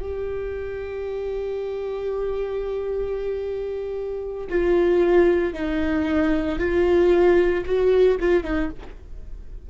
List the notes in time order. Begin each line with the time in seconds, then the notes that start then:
0.00 G4
4.49 F4
5.54 D#4
6.59 F4
7.66 F#4
8.20 F4
8.44 D#4